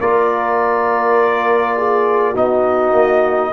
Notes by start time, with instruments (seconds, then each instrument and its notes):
0.00 tuba A#3, trombone F4, horn A#4, trumpet D5
1.77 horn G#4
2.32 tuba B3, trombone D#4, horn F#4, trumpet D#5
2.92 tuba A#3